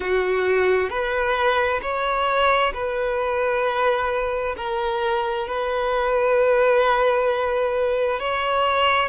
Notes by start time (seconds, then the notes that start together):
0.00 F#4
0.89 B4
1.82 C#5
2.73 B4
4.56 A#4
5.48 B4
8.19 C#5